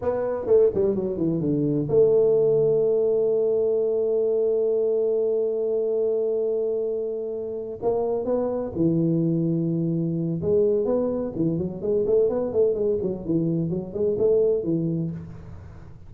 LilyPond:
\new Staff \with { instrumentName = "tuba" } { \time 4/4 \tempo 4 = 127 b4 a8 g8 fis8 e8 d4 | a1~ | a1~ | a1~ |
a8 ais4 b4 e4.~ | e2 gis4 b4 | e8 fis8 gis8 a8 b8 a8 gis8 fis8 | e4 fis8 gis8 a4 e4 | }